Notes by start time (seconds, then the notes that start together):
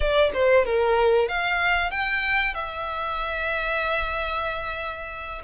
0.00 D5
0.33 C5
0.65 A#4
1.28 F5
1.90 G5
2.54 E5